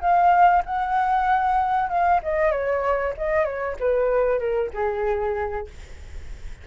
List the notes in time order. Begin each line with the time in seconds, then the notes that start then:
0.00 F5
0.65 F#5
1.89 F5
2.23 D#5
2.51 C#5
3.17 D#5
3.45 C#5
3.80 B4
4.39 A#4
4.73 G#4